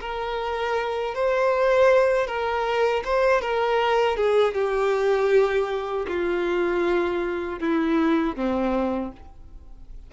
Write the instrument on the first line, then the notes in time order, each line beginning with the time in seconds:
violin
0.00 A#4
1.14 C5
2.26 A#4
3.04 C5
3.41 A#4
4.16 G#4
4.54 G4
6.08 F4
7.59 E4
8.35 C4